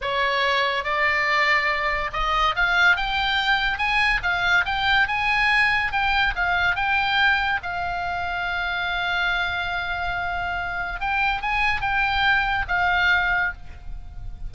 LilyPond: \new Staff \with { instrumentName = "oboe" } { \time 4/4 \tempo 4 = 142 cis''2 d''2~ | d''4 dis''4 f''4 g''4~ | g''4 gis''4 f''4 g''4 | gis''2 g''4 f''4 |
g''2 f''2~ | f''1~ | f''2 g''4 gis''4 | g''2 f''2 | }